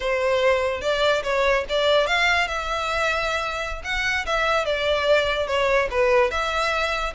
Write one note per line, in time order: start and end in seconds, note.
0.00 0.81 C5
0.81 1.22 D5
1.23 1.64 C#5
1.69 2.06 D5
2.06 2.47 F5
2.47 3.82 E5
3.84 4.25 F#5
4.26 4.65 E5
4.65 5.47 D5
5.47 5.88 C#5
5.90 6.30 B4
6.30 7.13 E5